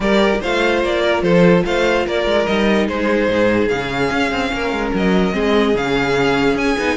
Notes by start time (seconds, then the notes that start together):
0.00 G3 G4 A#4 D5
0.40 A3 F4 C5 F5
0.83 A#3 D5
1.02 A#4
1.22 F3 A4 C5
1.65 A3 C5 F5
2.05 A#3 A#4 D5
2.25 G#3
2.46 G3 D#4 D#5
2.87 G#3 G#4 C5
3.28 G#2
3.68 C#3 C#4 F5
4.10 C#4
4.31 C4
4.52 A#3 A#4
4.71 G#3
4.94 F#3 D#5
5.32 G#3 C4 G#4
5.74 C#3 C#4 F5
6.55 C#4 G#5
6.78 B3 D#4